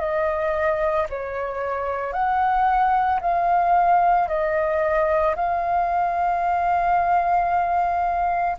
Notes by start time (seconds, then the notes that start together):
0.00 D#5
1.10 C#5
2.13 F#5
3.21 F5
4.29 D#5
5.36 F5